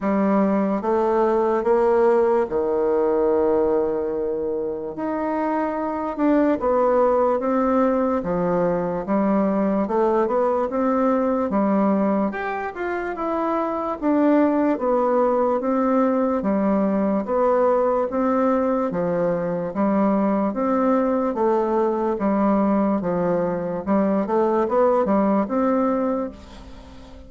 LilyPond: \new Staff \with { instrumentName = "bassoon" } { \time 4/4 \tempo 4 = 73 g4 a4 ais4 dis4~ | dis2 dis'4. d'8 | b4 c'4 f4 g4 | a8 b8 c'4 g4 g'8 f'8 |
e'4 d'4 b4 c'4 | g4 b4 c'4 f4 | g4 c'4 a4 g4 | f4 g8 a8 b8 g8 c'4 | }